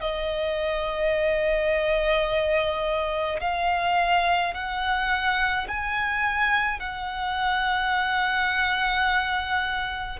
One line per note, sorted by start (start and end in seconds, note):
0.00 3.40 D#5
3.41 4.54 F5
4.54 5.67 F#5
5.68 6.79 G#5
6.79 10.19 F#5